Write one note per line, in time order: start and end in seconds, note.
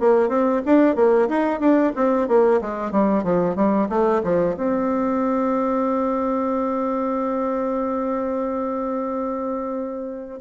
0.00 0.29 A#3
0.29 0.61 C4
0.65 0.95 D4
0.95 1.28 A#3
1.29 1.59 D#4
1.59 1.92 D4
1.95 2.28 C4
2.28 2.61 A#3
2.61 2.91 G#3
2.91 3.23 G3
3.23 3.55 F3
3.55 3.88 G3
3.89 4.22 A3
4.23 4.56 F3
4.57 10.40 C4